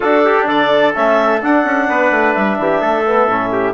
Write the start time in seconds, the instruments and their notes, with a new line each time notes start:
0.00 trombone D4, bassoon D4, trumpet F#4, clarinet A4
0.24 trumpet G4
0.46 bassoon D3, trumpet A4, clarinet D5
0.94 bassoon A3, trombone C#4, clarinet E5
1.41 trombone D4, bassoon D4, clarinet F#5
1.64 bassoon C#4
1.88 bassoon B3, trumpet B4
2.10 bassoon A3
2.34 bassoon G3, clarinet E5
2.58 bassoon E3, trumpet G4
2.80 bassoon A3, trumpet A4
3.06 trombone B3
3.26 bassoon A2, trombone C#4
3.51 trumpet G4